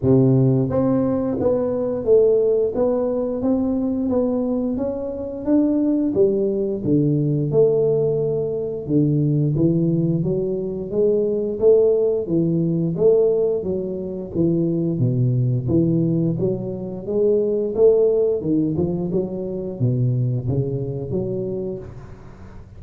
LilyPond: \new Staff \with { instrumentName = "tuba" } { \time 4/4 \tempo 4 = 88 c4 c'4 b4 a4 | b4 c'4 b4 cis'4 | d'4 g4 d4 a4~ | a4 d4 e4 fis4 |
gis4 a4 e4 a4 | fis4 e4 b,4 e4 | fis4 gis4 a4 dis8 f8 | fis4 b,4 cis4 fis4 | }